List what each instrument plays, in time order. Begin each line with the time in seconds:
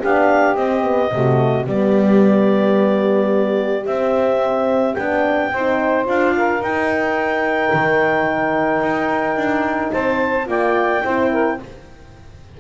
0.00 double bass B3, horn D4, saxophone G4, clarinet F5
0.56 horn C4, double bass C4, clarinet D#5
0.83 horn B3
1.12 double bass C3, horn A3, saxophone F#4
1.65 double bass G3, horn B3, saxophone G4, clarinet D5
3.86 double bass C4, horn C4, clarinet E5
4.95 double bass B3, horn D4, clarinet G5
5.53 double bass C4, horn D#4, saxophone C5
6.05 double bass D4, horn F4, clarinet F5
6.37 saxophone A#4
6.62 double bass D#4, horn D#4, clarinet G5
7.73 double bass D#3
8.82 double bass D#4
9.36 double bass D4
9.92 double bass C4, saxophone C5, clarinet A5
10.46 double bass A#3, horn F4, saxophone D5, clarinet G5
11.04 double bass C4, horn E4, saxophone C5
11.31 saxophone A#4